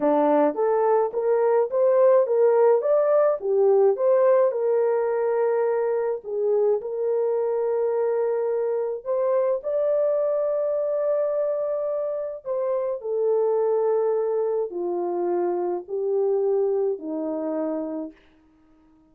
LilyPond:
\new Staff \with { instrumentName = "horn" } { \time 4/4 \tempo 4 = 106 d'4 a'4 ais'4 c''4 | ais'4 d''4 g'4 c''4 | ais'2. gis'4 | ais'1 |
c''4 d''2.~ | d''2 c''4 a'4~ | a'2 f'2 | g'2 dis'2 | }